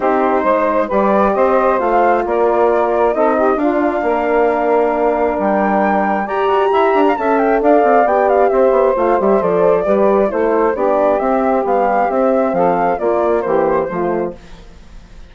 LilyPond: <<
  \new Staff \with { instrumentName = "flute" } { \time 4/4 \tempo 4 = 134 c''2 d''4 dis''4 | f''4 d''2 dis''4 | f''1 | g''2 ais''2 |
a''8 g''8 f''4 g''8 f''8 e''4 | f''8 e''8 d''2 c''4 | d''4 e''4 f''4 e''4 | f''4 d''4 c''2 | }
  \new Staff \with { instrumentName = "saxophone" } { \time 4/4 g'4 c''4 b'4 c''4~ | c''4 ais'2 a'8 g'8 | f'4 ais'2.~ | ais'2 d''4 e''8. f''16 |
e''4 d''2 c''4~ | c''2 b'4 a'4 | g'1 | a'4 f'4 g'4 f'4 | }
  \new Staff \with { instrumentName = "horn" } { \time 4/4 dis'2 g'2 | f'2. dis'4 | d'1~ | d'2 g'2 |
a'2 g'2 | f'8 g'8 a'4 g'4 e'4 | d'4 c'4 g4 c'4~ | c'4 ais2 a4 | }
  \new Staff \with { instrumentName = "bassoon" } { \time 4/4 c'4 gis4 g4 c'4 | a4 ais2 c'4 | d'4 ais2. | g2 g'8 fis'8 e'8 d'8 |
cis'4 d'8 c'8 b4 c'8 b8 | a8 g8 f4 g4 a4 | b4 c'4 b4 c'4 | f4 ais4 e4 f4 | }
>>